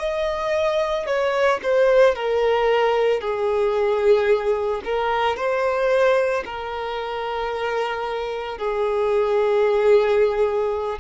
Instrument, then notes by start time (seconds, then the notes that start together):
violin
0.00 D#5
1.07 C#5
1.63 C5
2.16 A#4
3.21 G#4
4.85 A#4
5.37 C5
6.46 A#4
8.59 G#4